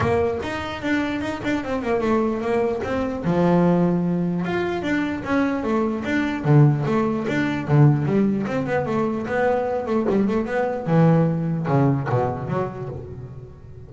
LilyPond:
\new Staff \with { instrumentName = "double bass" } { \time 4/4 \tempo 4 = 149 ais4 dis'4 d'4 dis'8 d'8 | c'8 ais8 a4 ais4 c'4 | f2. f'4 | d'4 cis'4 a4 d'4 |
d4 a4 d'4 d4 | g4 c'8 b8 a4 b4~ | b8 a8 g8 a8 b4 e4~ | e4 cis4 b,4 fis4 | }